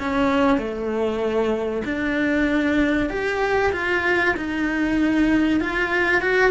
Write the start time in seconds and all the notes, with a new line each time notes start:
0.00 C#4
0.58 A3
1.85 D4
3.10 G4
3.73 F4
4.37 D#4
5.61 F4
6.22 F#4